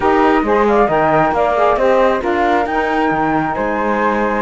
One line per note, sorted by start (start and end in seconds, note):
0.00 0.43 D#4
0.00 0.41 G4
0.00 0.44 A#4
0.00 0.67 D#5
0.43 0.87 G#3
0.43 0.87 G#4
0.43 0.67 C5
0.67 0.87 D5
0.67 0.89 F5
0.87 1.32 D#3
0.87 1.54 A#4
0.87 1.32 D#5
0.87 1.34 G5
1.32 1.76 A#3
1.32 1.78 D5
1.32 1.76 F5
1.56 1.77 G#4
1.76 2.21 C4
1.76 2.19 G4
1.76 2.21 C5
1.76 2.20 D#5
2.19 2.66 D4
2.19 2.64 F4
2.19 3.55 A#4
2.19 2.66 F5
2.66 3.10 D#4
2.66 4.42 D#4
2.66 3.54 G5
3.10 3.55 D#3
3.54 4.42 G#3
3.54 4.42 C5
3.54 4.42 G#5